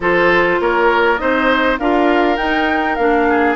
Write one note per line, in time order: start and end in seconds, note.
0.00 0.59 F3
0.00 1.18 F4
0.00 0.60 A4
0.00 0.61 C5
0.60 1.19 A#3
0.60 1.20 A#4
0.60 1.17 C#5
1.17 1.79 C4
1.17 1.77 D#4
1.17 1.79 C5
1.17 1.77 D#5
1.78 2.37 D4
1.78 2.37 F4
1.78 3.28 A#4
1.78 2.37 F5
2.37 2.97 D#4
2.37 2.95 G5
2.95 3.56 A#3
2.95 3.56 D4
2.95 3.54 F5
3.29 3.56 G#4